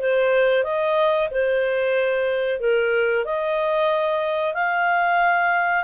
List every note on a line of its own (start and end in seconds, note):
0.00 0.64 C5
0.64 1.29 D#5
1.31 2.60 C5
2.60 3.25 A#4
3.25 4.54 D#5
4.54 5.84 F5